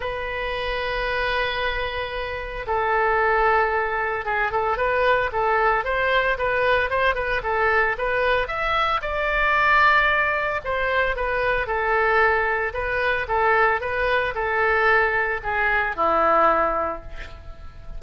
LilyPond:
\new Staff \with { instrumentName = "oboe" } { \time 4/4 \tempo 4 = 113 b'1~ | b'4 a'2. | gis'8 a'8 b'4 a'4 c''4 | b'4 c''8 b'8 a'4 b'4 |
e''4 d''2. | c''4 b'4 a'2 | b'4 a'4 b'4 a'4~ | a'4 gis'4 e'2 | }